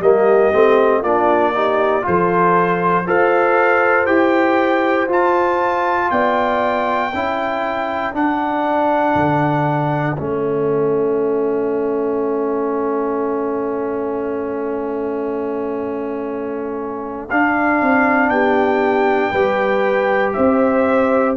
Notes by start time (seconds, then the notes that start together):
0.00 G3 A#3 G4 D#5
0.53 A3 C4
1.02 A#3 D4 F4 D5
1.55 D#4 G4
2.02 F3 F4 A4 C5
3.06 F4 A4 C5 F5
4.06 E4 G4 G5
5.08 F4 A5
6.11 B3 D5 G5
7.13 C#4 E4 A4
8.13 D4 F#5
9.15 D3
10.17 A3 C#4 E5
17.30 D4 F5
17.82 C4
18.30 B3 G4 G5
19.31 G3 G4 B4
20.34 C4 C5 E5